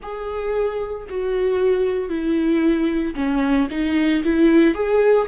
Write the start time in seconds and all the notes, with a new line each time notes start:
0.02 G#4
1.09 F#4
2.09 E4
3.15 C#4
3.70 D#4
4.23 E4
4.74 G#4